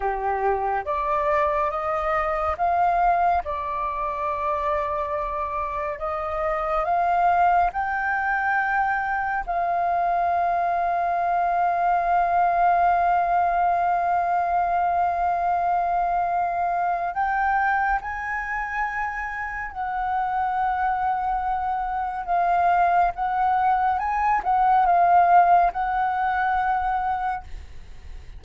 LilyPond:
\new Staff \with { instrumentName = "flute" } { \time 4/4 \tempo 4 = 70 g'4 d''4 dis''4 f''4 | d''2. dis''4 | f''4 g''2 f''4~ | f''1~ |
f''1 | g''4 gis''2 fis''4~ | fis''2 f''4 fis''4 | gis''8 fis''8 f''4 fis''2 | }